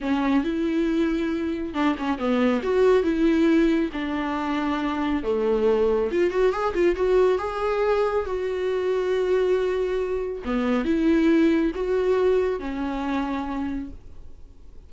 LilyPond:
\new Staff \with { instrumentName = "viola" } { \time 4/4 \tempo 4 = 138 cis'4 e'2. | d'8 cis'8 b4 fis'4 e'4~ | e'4 d'2. | a2 f'8 fis'8 gis'8 f'8 |
fis'4 gis'2 fis'4~ | fis'1 | b4 e'2 fis'4~ | fis'4 cis'2. | }